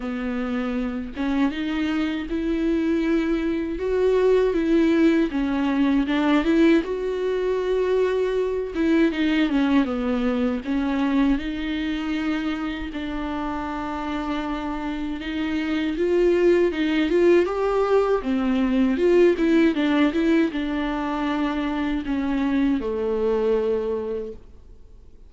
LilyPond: \new Staff \with { instrumentName = "viola" } { \time 4/4 \tempo 4 = 79 b4. cis'8 dis'4 e'4~ | e'4 fis'4 e'4 cis'4 | d'8 e'8 fis'2~ fis'8 e'8 | dis'8 cis'8 b4 cis'4 dis'4~ |
dis'4 d'2. | dis'4 f'4 dis'8 f'8 g'4 | c'4 f'8 e'8 d'8 e'8 d'4~ | d'4 cis'4 a2 | }